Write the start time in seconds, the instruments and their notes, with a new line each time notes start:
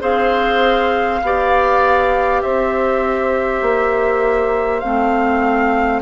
0.00 bassoon C4, clarinet G#4, oboe C5, flute F5
1.22 bassoon B3, clarinet G4, oboe D5
2.42 bassoon C4, oboe C5, flute E5
3.62 bassoon A#3
4.80 bassoon A3, clarinet C4, flute F5